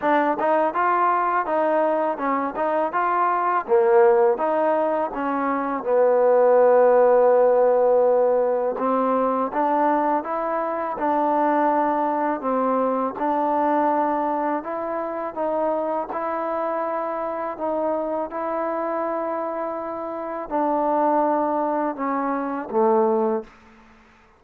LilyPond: \new Staff \with { instrumentName = "trombone" } { \time 4/4 \tempo 4 = 82 d'8 dis'8 f'4 dis'4 cis'8 dis'8 | f'4 ais4 dis'4 cis'4 | b1 | c'4 d'4 e'4 d'4~ |
d'4 c'4 d'2 | e'4 dis'4 e'2 | dis'4 e'2. | d'2 cis'4 a4 | }